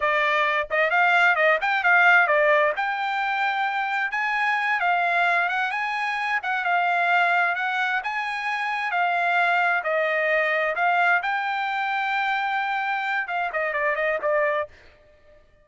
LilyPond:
\new Staff \with { instrumentName = "trumpet" } { \time 4/4 \tempo 4 = 131 d''4. dis''8 f''4 dis''8 g''8 | f''4 d''4 g''2~ | g''4 gis''4. f''4. | fis''8 gis''4. fis''8 f''4.~ |
f''8 fis''4 gis''2 f''8~ | f''4. dis''2 f''8~ | f''8 g''2.~ g''8~ | g''4 f''8 dis''8 d''8 dis''8 d''4 | }